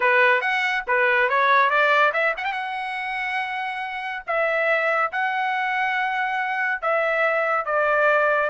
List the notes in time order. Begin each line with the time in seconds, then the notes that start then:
0.00 B4
0.41 F#5
0.87 B4
1.29 C#5
1.70 D5
2.13 E5
2.37 F#5
2.44 G5
2.52 F#5
4.26 E5
5.12 F#5
6.81 E5
7.65 D5